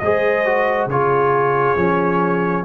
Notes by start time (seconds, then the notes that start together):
0.00 G#3 G#4 C5 D#5
0.46 F#4
0.87 C#3 F4 G#4 C#5
1.77 F3 C#4